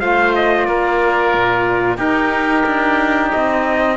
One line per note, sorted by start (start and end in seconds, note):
0.00 0.68 A3
0.00 1.98 F4
0.00 0.68 C5
0.00 0.34 F5
0.35 0.65 D#5
0.65 1.34 A#3
0.65 1.97 A#4
0.65 1.97 D5
1.34 1.98 A#2
1.97 2.64 D#4
1.97 3.96 D#4
1.97 3.95 G4
1.97 3.31 A#4
2.66 3.32 D4
3.32 3.97 C4
3.32 3.97 D#5